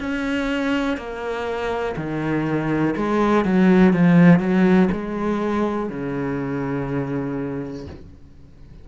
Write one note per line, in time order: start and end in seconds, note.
0.00 0.97 C#4
0.97 1.96 A#3
1.97 2.95 D#3
2.97 3.45 G#3
3.45 3.94 F#3
3.94 4.40 F3
4.40 4.89 F#3
4.92 5.90 G#3
5.90 7.87 C#3